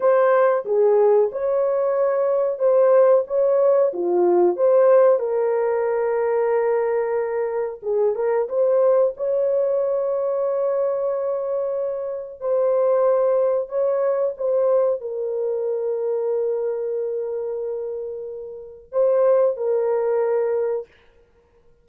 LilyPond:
\new Staff \with { instrumentName = "horn" } { \time 4/4 \tempo 4 = 92 c''4 gis'4 cis''2 | c''4 cis''4 f'4 c''4 | ais'1 | gis'8 ais'8 c''4 cis''2~ |
cis''2. c''4~ | c''4 cis''4 c''4 ais'4~ | ais'1~ | ais'4 c''4 ais'2 | }